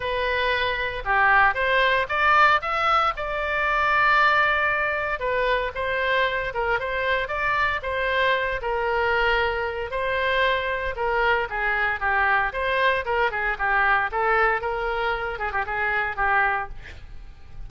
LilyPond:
\new Staff \with { instrumentName = "oboe" } { \time 4/4 \tempo 4 = 115 b'2 g'4 c''4 | d''4 e''4 d''2~ | d''2 b'4 c''4~ | c''8 ais'8 c''4 d''4 c''4~ |
c''8 ais'2~ ais'8 c''4~ | c''4 ais'4 gis'4 g'4 | c''4 ais'8 gis'8 g'4 a'4 | ais'4. gis'16 g'16 gis'4 g'4 | }